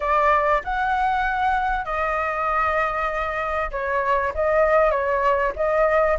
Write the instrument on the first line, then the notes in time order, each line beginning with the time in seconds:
flute
0.00 D5
0.64 F#5
1.85 D#5
3.71 C#5
4.34 D#5
4.90 C#5
5.55 D#5